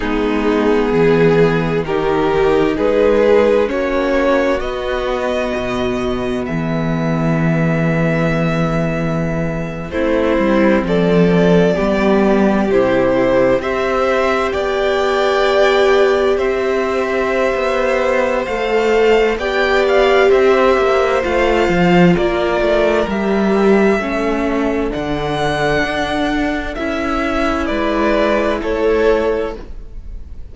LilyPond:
<<
  \new Staff \with { instrumentName = "violin" } { \time 4/4 \tempo 4 = 65 gis'2 ais'4 b'4 | cis''4 dis''2 e''4~ | e''2~ e''8. c''4 d''16~ | d''4.~ d''16 c''4 e''4 g''16~ |
g''4.~ g''16 e''2~ e''16 | f''4 g''8 f''8 e''4 f''4 | d''4 e''2 fis''4~ | fis''4 e''4 d''4 cis''4 | }
  \new Staff \with { instrumentName = "violin" } { \time 4/4 dis'4 gis'4 g'4 gis'4 | fis'2. gis'4~ | gis'2~ gis'8. e'4 a'16~ | a'8. g'2 c''4 d''16~ |
d''4.~ d''16 c''2~ c''16~ | c''4 d''4 c''2 | ais'2 a'2~ | a'2 b'4 a'4 | }
  \new Staff \with { instrumentName = "viola" } { \time 4/4 b2 dis'2 | cis'4 b2.~ | b2~ b8. c'4~ c'16~ | c'8. b4 e'4 g'4~ g'16~ |
g'1 | a'4 g'2 f'4~ | f'4 g'4 cis'4 d'4~ | d'4 e'2. | }
  \new Staff \with { instrumentName = "cello" } { \time 4/4 gis4 e4 dis4 gis4 | ais4 b4 b,4 e4~ | e2~ e8. a8 g8 f16~ | f8. g4 c4 c'4 b16~ |
b4.~ b16 c'4~ c'16 b4 | a4 b4 c'8 ais8 a8 f8 | ais8 a8 g4 a4 d4 | d'4 cis'4 gis4 a4 | }
>>